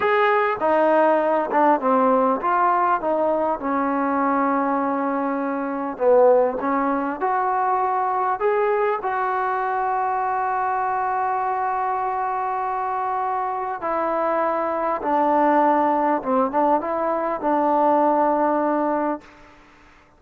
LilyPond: \new Staff \with { instrumentName = "trombone" } { \time 4/4 \tempo 4 = 100 gis'4 dis'4. d'8 c'4 | f'4 dis'4 cis'2~ | cis'2 b4 cis'4 | fis'2 gis'4 fis'4~ |
fis'1~ | fis'2. e'4~ | e'4 d'2 c'8 d'8 | e'4 d'2. | }